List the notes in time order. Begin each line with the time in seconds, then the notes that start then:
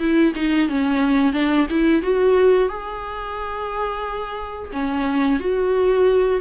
0.00 E4
0.36 D#4
0.69 C#4
1.33 D4
1.70 E4
2.03 F#4
2.69 G#4
4.73 C#4
5.40 F#4